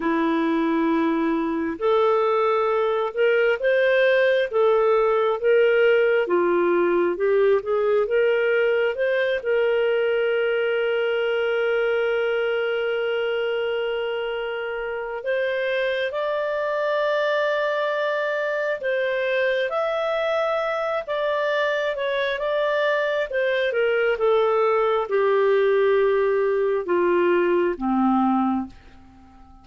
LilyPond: \new Staff \with { instrumentName = "clarinet" } { \time 4/4 \tempo 4 = 67 e'2 a'4. ais'8 | c''4 a'4 ais'4 f'4 | g'8 gis'8 ais'4 c''8 ais'4.~ | ais'1~ |
ais'4 c''4 d''2~ | d''4 c''4 e''4. d''8~ | d''8 cis''8 d''4 c''8 ais'8 a'4 | g'2 f'4 c'4 | }